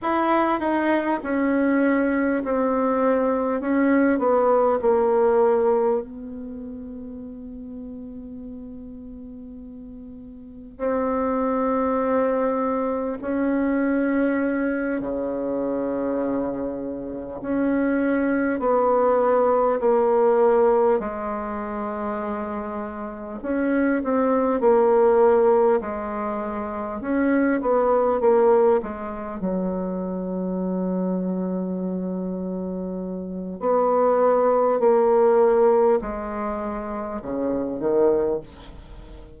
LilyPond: \new Staff \with { instrumentName = "bassoon" } { \time 4/4 \tempo 4 = 50 e'8 dis'8 cis'4 c'4 cis'8 b8 | ais4 b2.~ | b4 c'2 cis'4~ | cis'8 cis2 cis'4 b8~ |
b8 ais4 gis2 cis'8 | c'8 ais4 gis4 cis'8 b8 ais8 | gis8 fis2.~ fis8 | b4 ais4 gis4 cis8 dis8 | }